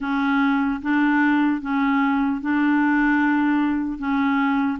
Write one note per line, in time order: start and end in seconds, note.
0.00 0.80 C#4
0.82 1.61 D4
1.61 2.41 C#4
2.41 3.98 D4
3.98 4.78 C#4